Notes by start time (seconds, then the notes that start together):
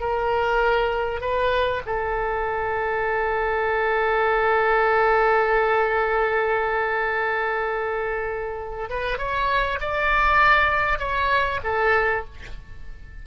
0.00 A#4
1.21 B4
1.86 A4
8.89 B4
9.18 C#5
9.80 D5
10.99 C#5
11.64 A4